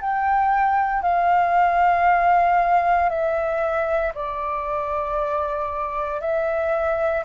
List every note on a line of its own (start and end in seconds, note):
0.00 1.02 G5
1.02 3.09 F5
3.09 4.12 E5
4.14 6.20 D5
6.20 7.24 E5